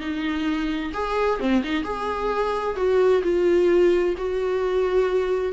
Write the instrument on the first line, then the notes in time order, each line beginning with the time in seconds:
viola
0.00 D#4
0.93 G#4
1.39 C4
1.63 D#4
1.83 G#4
2.76 F#4
3.22 F4
4.17 F#4